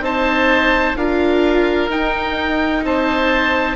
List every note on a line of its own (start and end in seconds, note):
0.00 0.94 C4
0.00 0.96 D#4
0.00 0.98 C5
0.00 0.97 A5
0.97 1.89 D4
0.97 1.90 F4
0.97 2.86 A#4
0.97 1.91 F5
1.89 2.83 D#4
1.89 3.76 D#4
1.89 2.85 G5
2.84 3.76 C4
2.84 3.76 C5
2.84 3.76 A5